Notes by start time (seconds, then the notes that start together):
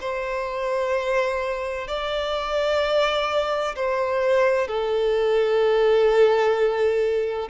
0.00 C5
1.87 D5
3.75 C5
4.67 A4